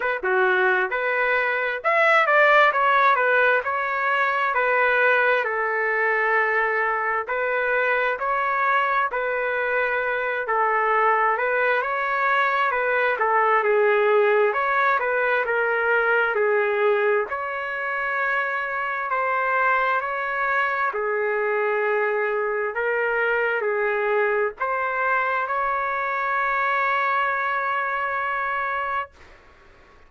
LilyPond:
\new Staff \with { instrumentName = "trumpet" } { \time 4/4 \tempo 4 = 66 b'16 fis'8. b'4 e''8 d''8 cis''8 b'8 | cis''4 b'4 a'2 | b'4 cis''4 b'4. a'8~ | a'8 b'8 cis''4 b'8 a'8 gis'4 |
cis''8 b'8 ais'4 gis'4 cis''4~ | cis''4 c''4 cis''4 gis'4~ | gis'4 ais'4 gis'4 c''4 | cis''1 | }